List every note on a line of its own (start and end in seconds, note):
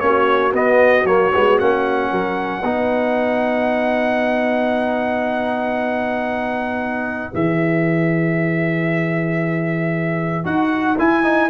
0.00 0.53 A#3
0.00 0.53 C#4
0.00 2.12 F#4
0.00 0.52 C#5
0.53 1.04 B3
0.53 1.06 B3
0.53 1.06 D#5
1.04 1.30 F#3
1.04 1.32 A#3
1.04 1.58 C#5
1.34 1.61 G#3
1.34 1.58 B3
1.58 2.12 A#3
1.58 2.63 C#4
1.58 7.33 F#5
2.12 2.62 F#3
2.12 2.61 A#4
2.61 7.32 B3
2.61 7.32 D#4
2.61 11.48 B4
7.32 10.45 E3
7.32 10.44 G#4
7.32 10.46 E5
10.44 10.97 D#4
10.44 10.96 F#4
10.44 10.98 F#5
10.98 11.23 E4
10.98 11.50 E4
10.98 11.50 G#5
11.23 11.49 D#4